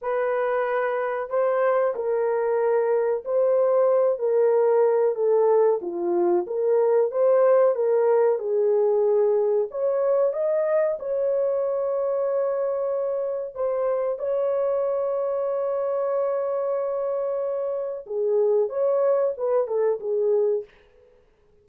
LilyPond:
\new Staff \with { instrumentName = "horn" } { \time 4/4 \tempo 4 = 93 b'2 c''4 ais'4~ | ais'4 c''4. ais'4. | a'4 f'4 ais'4 c''4 | ais'4 gis'2 cis''4 |
dis''4 cis''2.~ | cis''4 c''4 cis''2~ | cis''1 | gis'4 cis''4 b'8 a'8 gis'4 | }